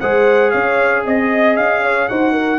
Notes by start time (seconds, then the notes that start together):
0.00 G#3 G#4 C5 F#5
0.50 C#4 C#5 F5
1.05 C4 D#5
1.56 C#4 F5
1.83 C#5
2.08 D#4 F#4 C5 F#5
2.32 A#4